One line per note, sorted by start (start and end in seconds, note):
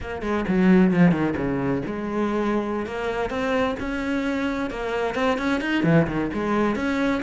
0.00 0.21 A#3
0.21 0.44 G#3
0.47 0.93 F#3
0.93 1.11 F3
1.11 1.34 D#3
1.36 1.82 C#3
1.85 2.85 G#3
2.85 3.30 A#3
3.30 3.75 C4
3.79 4.70 C#4
4.70 5.15 A#3
5.15 5.38 C4
5.38 5.60 C#4
5.60 5.83 D#4
5.83 6.06 E3
6.07 6.30 D#3
6.33 6.75 G#3
6.75 7.21 C#4